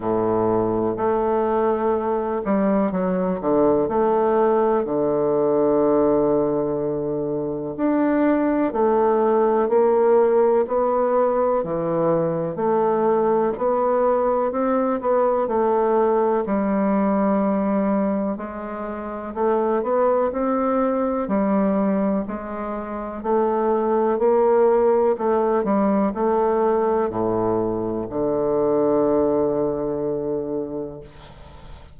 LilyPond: \new Staff \with { instrumentName = "bassoon" } { \time 4/4 \tempo 4 = 62 a,4 a4. g8 fis8 d8 | a4 d2. | d'4 a4 ais4 b4 | e4 a4 b4 c'8 b8 |
a4 g2 gis4 | a8 b8 c'4 g4 gis4 | a4 ais4 a8 g8 a4 | a,4 d2. | }